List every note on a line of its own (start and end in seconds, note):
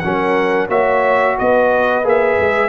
0.00 0.69 F#3
0.00 0.70 C#4
0.00 0.69 A#4
0.00 0.67 F#5
0.69 1.36 A#3
0.69 2.04 F#4
0.69 1.37 C#5
0.69 1.38 E5
1.38 2.05 B3
1.38 2.70 B4
1.38 2.06 D#5
2.04 2.38 A#3
2.04 2.70 G#4
2.04 2.70 E5
2.39 2.70 G#3